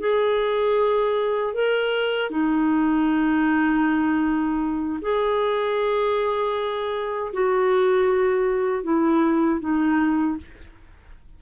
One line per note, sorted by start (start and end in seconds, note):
0.00 1.54 G#4
1.54 2.30 A#4
2.30 5.00 D#4
5.02 7.33 G#4
7.33 8.84 F#4
8.84 9.60 E4
9.60 10.37 D#4